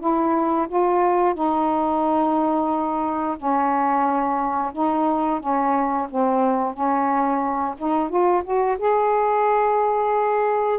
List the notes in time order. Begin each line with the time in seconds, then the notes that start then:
0.00 E4
0.69 F4
1.35 D#4
3.38 C#4
4.73 D#4
5.40 C#4
6.10 C4
6.74 C#4
7.78 D#4
8.09 F4
8.44 F#4
8.79 G#4